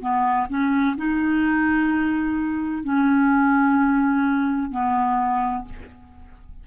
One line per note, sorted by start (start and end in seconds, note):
0.00 0.47 B3
0.49 0.95 C#4
0.97 2.84 D#4
2.84 4.70 C#4
4.70 5.64 B3